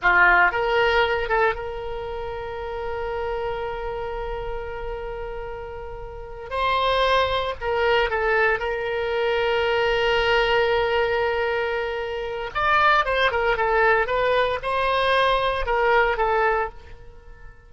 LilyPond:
\new Staff \with { instrumentName = "oboe" } { \time 4/4 \tempo 4 = 115 f'4 ais'4. a'8 ais'4~ | ais'1~ | ais'1~ | ais'8 c''2 ais'4 a'8~ |
a'8 ais'2.~ ais'8~ | ais'1 | d''4 c''8 ais'8 a'4 b'4 | c''2 ais'4 a'4 | }